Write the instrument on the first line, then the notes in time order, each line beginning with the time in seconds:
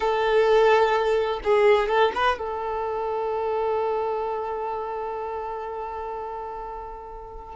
violin
0.00 A4
1.44 G#4
1.88 A4
2.15 B4
2.38 A4